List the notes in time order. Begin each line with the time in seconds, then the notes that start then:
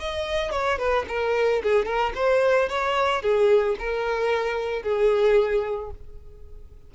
0.00 D#5
0.52 C#5
0.78 B4
1.08 A#4
1.63 G#4
1.86 A#4
2.15 C5
2.69 C#5
3.22 G#4
3.79 A#4
4.83 G#4